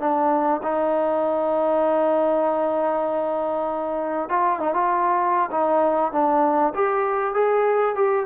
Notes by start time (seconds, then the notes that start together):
0.00 D4
0.63 D#4
4.29 F4
4.59 D#4
4.73 F4
5.51 D#4
6.12 D4
6.74 G4
7.34 G#4
7.95 G4